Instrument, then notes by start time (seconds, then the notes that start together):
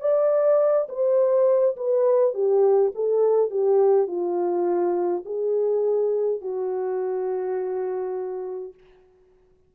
horn
0.00 D5
0.88 C5
1.76 B4
2.33 G4
2.94 A4
3.50 G4
4.07 F4
5.25 G#4
6.41 F#4